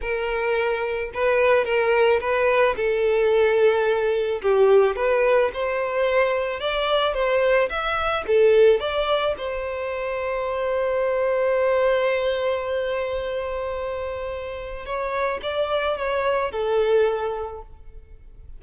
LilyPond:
\new Staff \with { instrumentName = "violin" } { \time 4/4 \tempo 4 = 109 ais'2 b'4 ais'4 | b'4 a'2. | g'4 b'4 c''2 | d''4 c''4 e''4 a'4 |
d''4 c''2.~ | c''1~ | c''2. cis''4 | d''4 cis''4 a'2 | }